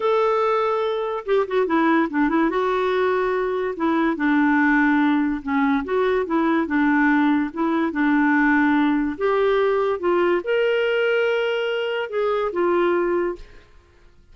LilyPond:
\new Staff \with { instrumentName = "clarinet" } { \time 4/4 \tempo 4 = 144 a'2. g'8 fis'8 | e'4 d'8 e'8 fis'2~ | fis'4 e'4 d'2~ | d'4 cis'4 fis'4 e'4 |
d'2 e'4 d'4~ | d'2 g'2 | f'4 ais'2.~ | ais'4 gis'4 f'2 | }